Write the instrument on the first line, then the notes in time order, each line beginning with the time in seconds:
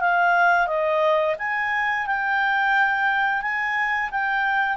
clarinet
0.00 F5
0.67 D#5
1.39 G#5
2.07 G5
3.42 G#5
4.11 G5